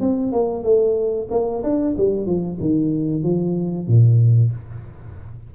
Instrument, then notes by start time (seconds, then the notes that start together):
tuba
0.00 C4
0.32 A#3
0.63 A3
1.30 A#3
1.63 D4
1.97 G3
2.26 F3
2.60 D#3
3.23 F3
3.87 A#2